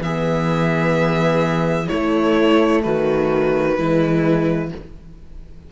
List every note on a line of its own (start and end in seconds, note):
0.00 1.88 E3
0.00 1.88 B3
0.00 1.88 G#4
0.00 1.88 E5
1.88 3.75 A3
1.88 2.85 A3
1.88 2.82 E4
1.88 2.81 C#5
2.82 3.78 D#3
2.82 3.78 F#4
2.82 4.70 B4
3.77 4.71 E3
3.77 4.70 G#3
3.77 4.72 E4